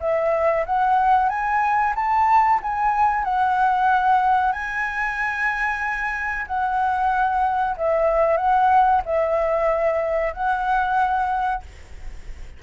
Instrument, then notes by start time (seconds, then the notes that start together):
flute
0.00 E5
0.65 F#5
1.29 G#5
1.95 A5
2.62 G#5
3.24 F#5
4.52 G#5
6.47 F#5
7.77 E5
8.37 F#5
9.05 E5
10.33 F#5